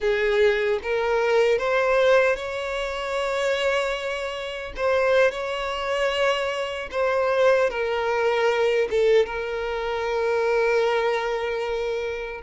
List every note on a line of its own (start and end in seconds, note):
0.00 0.79 G#4
0.83 1.58 A#4
1.58 2.35 C5
2.35 4.72 C#5
4.76 5.31 C5
5.31 6.89 C#5
6.91 7.70 C5
7.70 8.88 A#4
8.90 9.25 A4
9.25 12.41 A#4